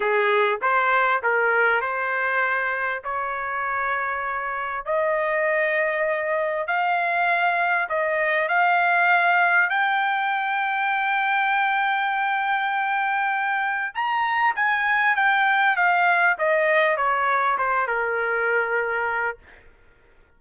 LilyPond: \new Staff \with { instrumentName = "trumpet" } { \time 4/4 \tempo 4 = 99 gis'4 c''4 ais'4 c''4~ | c''4 cis''2. | dis''2. f''4~ | f''4 dis''4 f''2 |
g''1~ | g''2. ais''4 | gis''4 g''4 f''4 dis''4 | cis''4 c''8 ais'2~ ais'8 | }